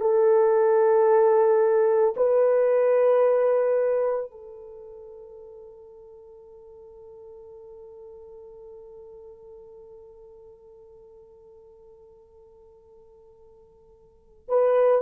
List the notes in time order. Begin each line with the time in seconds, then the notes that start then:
0.00 A4
2.16 B4
4.31 A4
14.48 B4